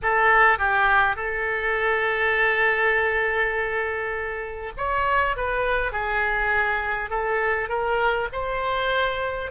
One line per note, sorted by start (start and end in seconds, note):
0.02 0.58 A4
0.58 1.16 G4
1.16 4.72 A4
4.77 5.36 C#5
5.36 5.91 B4
5.91 7.10 G#4
7.10 7.68 A4
7.68 8.28 A#4
8.32 9.51 C5